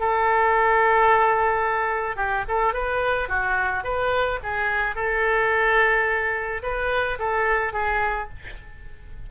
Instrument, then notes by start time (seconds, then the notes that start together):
oboe
0.00 A4
2.17 G4
2.48 A4
2.74 B4
3.29 F#4
3.84 B4
4.43 G#4
4.96 A4
6.63 B4
7.19 A4
7.73 G#4